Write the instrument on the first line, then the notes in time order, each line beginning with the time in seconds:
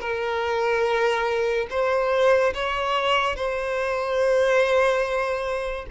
violin
0.00 A#4
1.70 C5
2.54 C#5
3.36 C5